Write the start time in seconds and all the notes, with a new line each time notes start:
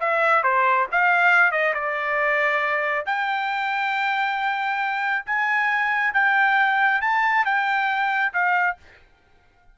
0.00 E5
0.43 C5
0.92 F5
1.52 D#5
1.74 D5
3.06 G5
5.26 G#5
6.14 G5
7.01 A5
7.45 G5
8.33 F5